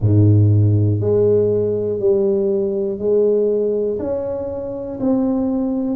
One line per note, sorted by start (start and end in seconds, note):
0.00 1.00 G#2
1.00 1.99 G#3
1.99 2.98 G3
2.98 3.98 G#3
3.99 4.99 C#4
5.00 5.96 C4